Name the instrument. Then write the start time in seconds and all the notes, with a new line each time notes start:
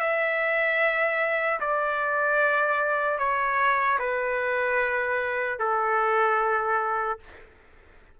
trumpet
0.00 E5
1.60 D5
3.19 C#5
3.99 B4
5.59 A4